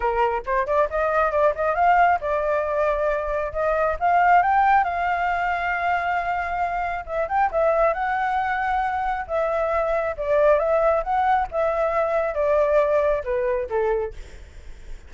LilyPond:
\new Staff \with { instrumentName = "flute" } { \time 4/4 \tempo 4 = 136 ais'4 c''8 d''8 dis''4 d''8 dis''8 | f''4 d''2. | dis''4 f''4 g''4 f''4~ | f''1 |
e''8 g''8 e''4 fis''2~ | fis''4 e''2 d''4 | e''4 fis''4 e''2 | d''2 b'4 a'4 | }